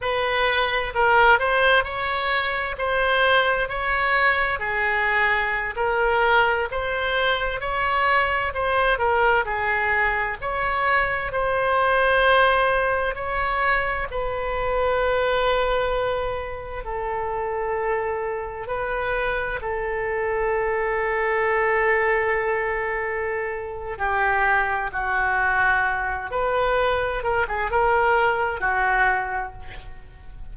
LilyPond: \new Staff \with { instrumentName = "oboe" } { \time 4/4 \tempo 4 = 65 b'4 ais'8 c''8 cis''4 c''4 | cis''4 gis'4~ gis'16 ais'4 c''8.~ | c''16 cis''4 c''8 ais'8 gis'4 cis''8.~ | cis''16 c''2 cis''4 b'8.~ |
b'2~ b'16 a'4.~ a'16~ | a'16 b'4 a'2~ a'8.~ | a'2 g'4 fis'4~ | fis'8 b'4 ais'16 gis'16 ais'4 fis'4 | }